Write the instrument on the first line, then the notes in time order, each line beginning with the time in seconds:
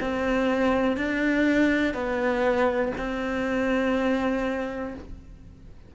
cello
0.00 C4
0.96 D4
1.94 B3
2.97 C4